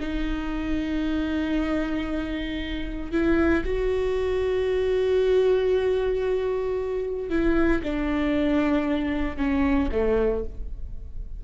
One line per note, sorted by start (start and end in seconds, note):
0.00 3.12 D#4
3.12 3.64 E4
3.65 7.30 F#4
7.30 7.82 E4
7.83 9.37 D4
9.37 9.89 C#4
9.92 10.44 A3